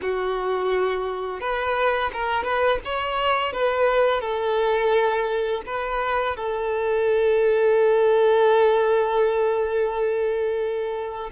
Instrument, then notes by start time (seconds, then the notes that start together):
violin
0.01 F#4
1.40 B4
2.13 A#4
2.43 B4
2.84 C#5
3.52 B4
4.20 A4
5.66 B4
6.36 A4